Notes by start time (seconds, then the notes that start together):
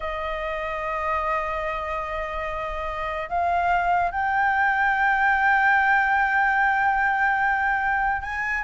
0.00 D#5
3.29 F5
4.11 G5
8.22 G#5